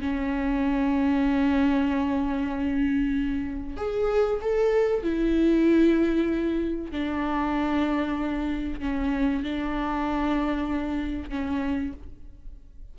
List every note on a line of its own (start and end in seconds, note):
0.00 3.77 C#4
3.77 4.40 G#4
4.41 5.03 A4
5.03 6.91 E4
6.91 8.80 D4
8.80 9.43 C#4
9.43 11.29 D4
11.29 11.93 C#4